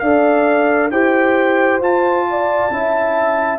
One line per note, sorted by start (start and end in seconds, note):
0.00 0.91 D4
0.00 0.92 A4
0.00 0.92 D5
0.00 0.90 F5
0.90 1.80 E4
0.90 1.82 G4
0.90 2.26 C5
0.90 1.80 G5
1.80 2.69 F4
1.80 2.71 F4
1.80 3.59 A5
2.30 2.74 D5
2.70 3.59 C#4
2.70 3.59 E4
2.70 3.59 E5